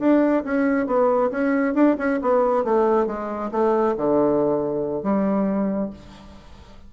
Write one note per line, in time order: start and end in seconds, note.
0.00 0.44 D4
0.44 0.87 C#4
0.87 1.31 B3
1.31 1.75 C#4
1.75 1.96 D4
1.98 2.20 C#4
2.22 2.65 B3
2.65 3.07 A3
3.07 3.51 G#3
3.52 3.95 A3
3.97 5.03 D3
5.03 5.91 G3